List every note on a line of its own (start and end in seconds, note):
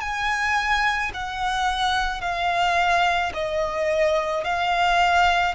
0.00 1.11 G#5
1.14 2.21 F#5
2.21 3.32 F5
3.34 4.44 D#5
4.44 5.55 F5